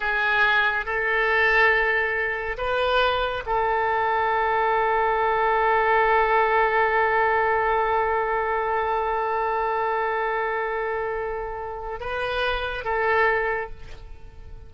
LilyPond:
\new Staff \with { instrumentName = "oboe" } { \time 4/4 \tempo 4 = 140 gis'2 a'2~ | a'2 b'2 | a'1~ | a'1~ |
a'1~ | a'1~ | a'1 | b'2 a'2 | }